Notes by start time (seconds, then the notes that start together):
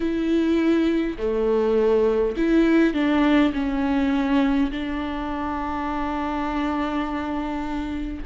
0.00 E4
1.18 A3
2.36 E4
2.93 D4
3.53 C#4
4.71 D4